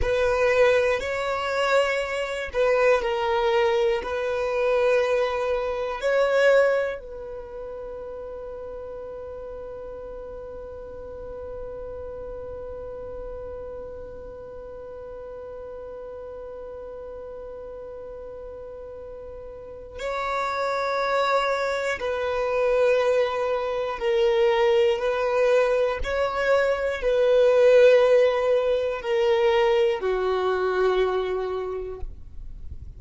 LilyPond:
\new Staff \with { instrumentName = "violin" } { \time 4/4 \tempo 4 = 60 b'4 cis''4. b'8 ais'4 | b'2 cis''4 b'4~ | b'1~ | b'1~ |
b'1 | cis''2 b'2 | ais'4 b'4 cis''4 b'4~ | b'4 ais'4 fis'2 | }